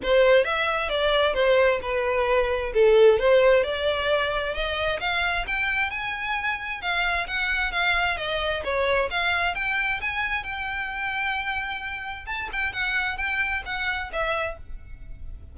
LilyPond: \new Staff \with { instrumentName = "violin" } { \time 4/4 \tempo 4 = 132 c''4 e''4 d''4 c''4 | b'2 a'4 c''4 | d''2 dis''4 f''4 | g''4 gis''2 f''4 |
fis''4 f''4 dis''4 cis''4 | f''4 g''4 gis''4 g''4~ | g''2. a''8 g''8 | fis''4 g''4 fis''4 e''4 | }